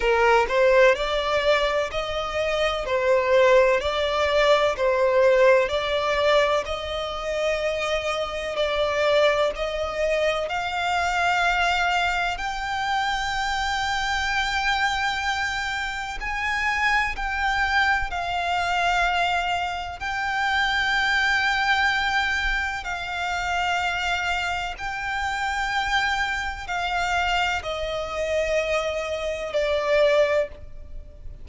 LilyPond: \new Staff \with { instrumentName = "violin" } { \time 4/4 \tempo 4 = 63 ais'8 c''8 d''4 dis''4 c''4 | d''4 c''4 d''4 dis''4~ | dis''4 d''4 dis''4 f''4~ | f''4 g''2.~ |
g''4 gis''4 g''4 f''4~ | f''4 g''2. | f''2 g''2 | f''4 dis''2 d''4 | }